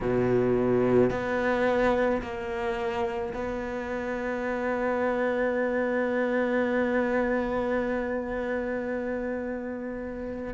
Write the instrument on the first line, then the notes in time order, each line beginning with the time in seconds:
cello
0.00 B2
1.10 B3
2.22 A#3
3.33 B3